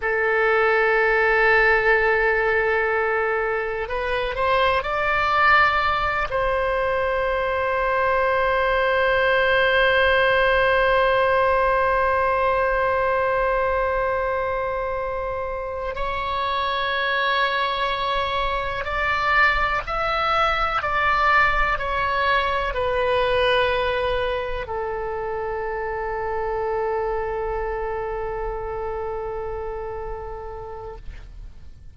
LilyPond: \new Staff \with { instrumentName = "oboe" } { \time 4/4 \tempo 4 = 62 a'1 | b'8 c''8 d''4. c''4.~ | c''1~ | c''1~ |
c''8 cis''2. d''8~ | d''8 e''4 d''4 cis''4 b'8~ | b'4. a'2~ a'8~ | a'1 | }